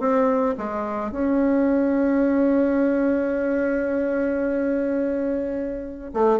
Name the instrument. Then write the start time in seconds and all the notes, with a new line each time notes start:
bassoon
0.00 C4
0.58 G#3
1.12 C#4
6.14 A3